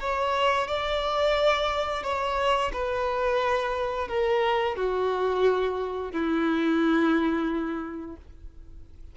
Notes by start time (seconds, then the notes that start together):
0.00 C#5
0.68 D5
2.03 C#5
2.73 B4
4.08 A#4
4.76 F#4
6.12 E4